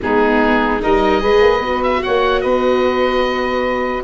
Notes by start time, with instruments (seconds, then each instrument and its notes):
0.02 tuba G#3, viola B3, saxophone D#4, oboe G#4
0.80 tuba G3, viola D#4, saxophone A#4, oboe D#5
1.20 tuba G#3, viola G#4, saxophone B4
1.40 tuba A#3
1.60 tuba B3, viola F#4
1.83 oboe E5
2.02 tuba A#3, saxophone C#5, oboe F#5
2.41 tuba B3, saxophone B4, oboe D#5